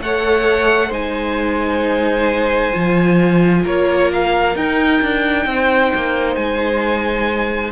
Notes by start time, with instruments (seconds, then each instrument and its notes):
0.00 cello A3, viola A4, violin C#5 F#5
0.88 cello G#3, viola D#4, violin C5 G#5
2.73 cello F3, viola F4
3.64 cello A#3, violin A#4 C#5
4.13 violin F5
4.56 cello D#4, viola D#4, violin G5
5.02 cello D4
5.46 cello C4, violin C5
5.95 cello A#3
6.36 cello G#3, violin G#5